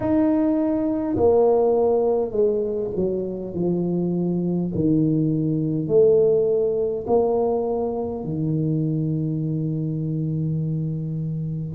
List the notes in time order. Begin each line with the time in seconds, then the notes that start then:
0.00 D#4
1.16 A#3
2.31 G#3
2.95 F#3
3.53 F3
4.74 D#3
5.87 A3
7.06 A#3
8.24 D#3